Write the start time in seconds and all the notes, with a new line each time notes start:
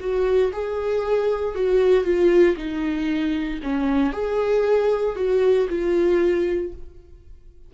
0.00 F#4
0.52 G#4
1.55 F#4
2.04 F4
2.56 D#4
3.63 C#4
4.12 G#4
5.16 F#4
5.69 F4